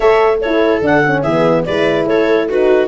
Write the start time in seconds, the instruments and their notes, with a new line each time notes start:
0.00 tuba A3, horn A4, viola C#5, clarinet E5
0.41 horn E4, viola A4, clarinet C#5
0.80 tuba D3, horn D4, clarinet F#5
1.06 horn C#4
1.22 tuba E3, horn B3, viola G#4, clarinet E5
1.65 tuba G#3, horn E4, viola B4, clarinet D5
2.05 tuba A3, viola A4, clarinet C#5
2.48 horn D#4, viola F#4, clarinet B4